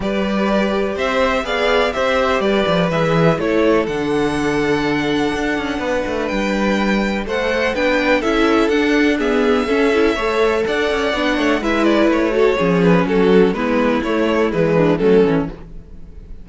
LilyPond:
<<
  \new Staff \with { instrumentName = "violin" } { \time 4/4 \tempo 4 = 124 d''2 e''4 f''4 | e''4 d''4 e''4 cis''4 | fis''1~ | fis''4 g''2 fis''4 |
g''4 e''4 fis''4 e''4~ | e''2 fis''2 | e''8 d''8 cis''4. b'8 a'4 | b'4 cis''4 b'4 a'4 | }
  \new Staff \with { instrumentName = "violin" } { \time 4/4 b'2 c''4 d''4 | c''4 b'2 a'4~ | a'1 | b'2. c''4 |
b'4 a'2 gis'4 | a'4 cis''4 d''4. cis''8 | b'4. a'8 gis'4 fis'4 | e'2~ e'8 d'8 cis'4 | }
  \new Staff \with { instrumentName = "viola" } { \time 4/4 g'2. gis'4 | g'2 gis'4 e'4 | d'1~ | d'2. a'4 |
d'4 e'4 d'4 b4 | cis'8 e'8 a'2 d'4 | e'4. fis'8 cis'2 | b4 a4 gis4 a8 cis'8 | }
  \new Staff \with { instrumentName = "cello" } { \time 4/4 g2 c'4 b4 | c'4 g8 f8 e4 a4 | d2. d'8 cis'8 | b8 a8 g2 a4 |
b4 cis'4 d'2 | cis'4 a4 d'8 cis'8 b8 a8 | gis4 a4 f4 fis4 | gis4 a4 e4 fis8 e8 | }
>>